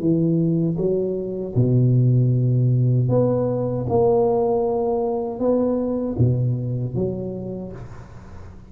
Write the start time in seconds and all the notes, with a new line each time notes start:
0.00 E3
0.78 F#3
1.56 B2
3.09 B3
3.89 A#3
5.40 B3
6.18 B2
6.95 F#3